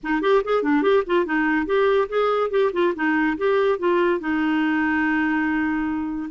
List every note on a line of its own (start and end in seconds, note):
0.03 0.21 D#4
0.21 0.42 G4
0.44 0.62 G#4
0.62 0.82 D4
0.82 1.03 G4
1.06 1.25 F4
1.25 1.66 D#4
1.66 2.08 G4
2.08 2.50 G#4
2.50 2.71 G4
2.73 2.94 F4
2.95 3.37 D#4
3.37 3.78 G4
3.78 4.20 F4
4.20 6.30 D#4